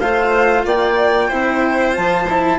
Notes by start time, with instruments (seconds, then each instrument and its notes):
0.00 bassoon A3, cello F4, violin C5, flute F5
0.65 bassoon A#3, violin D5, flute G5
1.28 bassoon C4, cello E4, violin C5
1.93 bassoon F3, cello F4, flute A5
2.29 cello E4